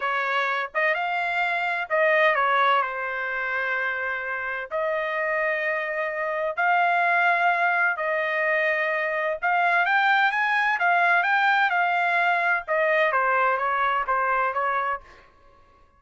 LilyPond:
\new Staff \with { instrumentName = "trumpet" } { \time 4/4 \tempo 4 = 128 cis''4. dis''8 f''2 | dis''4 cis''4 c''2~ | c''2 dis''2~ | dis''2 f''2~ |
f''4 dis''2. | f''4 g''4 gis''4 f''4 | g''4 f''2 dis''4 | c''4 cis''4 c''4 cis''4 | }